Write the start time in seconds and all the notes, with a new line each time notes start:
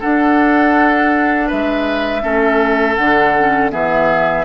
0.00 D4 A4 F#5
1.47 G#3 B4 E5
2.22 A3 C#4 A4
2.95 D3 D4 F#5
3.38 C#4
3.71 E3 B3 G#4 E5